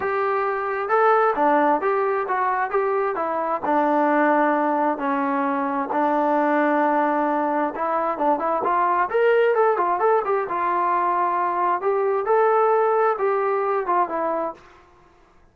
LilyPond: \new Staff \with { instrumentName = "trombone" } { \time 4/4 \tempo 4 = 132 g'2 a'4 d'4 | g'4 fis'4 g'4 e'4 | d'2. cis'4~ | cis'4 d'2.~ |
d'4 e'4 d'8 e'8 f'4 | ais'4 a'8 f'8 a'8 g'8 f'4~ | f'2 g'4 a'4~ | a'4 g'4. f'8 e'4 | }